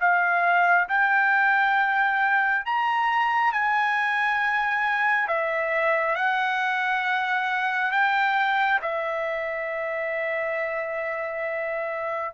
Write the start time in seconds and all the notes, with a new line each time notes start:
0.00 F5
0.89 G5
2.66 A#5
3.53 G#5
5.28 E5
6.16 F#5
7.92 G5
8.82 E5